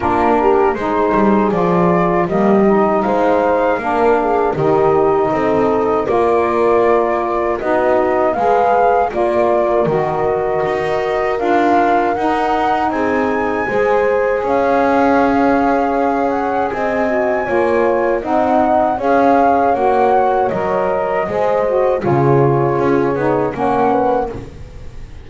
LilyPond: <<
  \new Staff \with { instrumentName = "flute" } { \time 4/4 \tempo 4 = 79 ais'4 c''4 d''4 dis''4 | f''2 dis''2 | d''2 dis''4 f''4 | d''4 dis''2 f''4 |
fis''4 gis''2 f''4~ | f''4. fis''8 gis''2 | fis''4 f''4 fis''4 dis''4~ | dis''4 cis''2 fis''4 | }
  \new Staff \with { instrumentName = "horn" } { \time 4/4 f'8 g'8 gis'2 g'4 | c''4 ais'8 gis'8 g'4 a'4 | ais'2 fis'4 b'4 | ais'1~ |
ais'4 gis'4 c''4 cis''4~ | cis''2 dis''4 cis''4 | dis''4 cis''2. | c''4 gis'2 cis''8 b'8 | }
  \new Staff \with { instrumentName = "saxophone" } { \time 4/4 d'4 dis'4 f'4 ais8 dis'8~ | dis'4 d'4 dis'2 | f'2 dis'4 gis'4 | f'4 fis'2 f'4 |
dis'2 gis'2~ | gis'2~ gis'8 fis'8 f'4 | dis'4 gis'4 fis'4 ais'4 | gis'8 fis'8 f'4. dis'8 cis'4 | }
  \new Staff \with { instrumentName = "double bass" } { \time 4/4 ais4 gis8 g8 f4 g4 | gis4 ais4 dis4 c'4 | ais2 b4 gis4 | ais4 dis4 dis'4 d'4 |
dis'4 c'4 gis4 cis'4~ | cis'2 c'4 ais4 | c'4 cis'4 ais4 fis4 | gis4 cis4 cis'8 b8 ais4 | }
>>